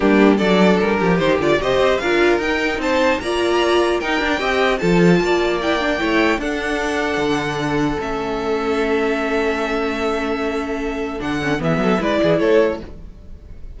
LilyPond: <<
  \new Staff \with { instrumentName = "violin" } { \time 4/4 \tempo 4 = 150 g'4 d''4 ais'4 c''8 d''8 | dis''4 f''4 g''4 a''4 | ais''2 g''2 | a''2 g''2 |
fis''1 | e''1~ | e''1 | fis''4 e''4 d''4 cis''4 | }
  \new Staff \with { instrumentName = "violin" } { \time 4/4 d'4 a'4. g'4. | c''4 ais'2 c''4 | d''2 ais'4 dis''4 | a'4 d''2 cis''4 |
a'1~ | a'1~ | a'1~ | a'4 gis'8 a'8 b'8 gis'8 a'4 | }
  \new Staff \with { instrumentName = "viola" } { \time 4/4 ais4 d'2 dis'8 f'8 | g'4 f'4 dis'2 | f'2 dis'8 d'8 g'4 | f'2 e'8 d'8 e'4 |
d'1 | cis'1~ | cis'1 | d'8 cis'8 b4 e'2 | }
  \new Staff \with { instrumentName = "cello" } { \time 4/4 g4 fis4 g8 f8 dis8 d8 | c8 c'8 d'4 dis'4 c'4 | ais2 dis'8 d'8 c'4 | f4 ais2 a4 |
d'2 d2 | a1~ | a1 | d4 e8 fis8 gis8 e8 a4 | }
>>